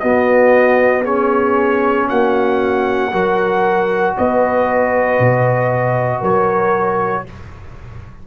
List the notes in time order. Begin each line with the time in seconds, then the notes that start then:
0.00 B3 F#4 D#5
1.03 C#4 G#4 C#5
2.09 A#3 F#4 F#5
3.11 F#3 F#4 A#4
4.17 B3 B4 D#5
5.19 B2
6.20 F#3 A#4 C#5